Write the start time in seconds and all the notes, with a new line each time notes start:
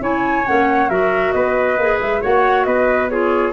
0.00 C#4 E4 C#5 G#5
0.46 A#3 C#4 F#5
0.89 F#3 F#4 A#4 E5
1.32 B3 B4 D#5
1.78 A#3 G#4
2.01 G#3 E5
2.21 A#3 F#4 C#5 F#5
2.64 B3 B4 D#5
3.09 F4 G#4 C#5